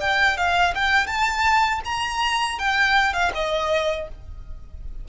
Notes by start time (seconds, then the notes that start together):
0.00 G5
0.37 F5
0.74 G5
1.06 A5
1.85 A#5
2.58 G5
3.13 F5
3.34 D#5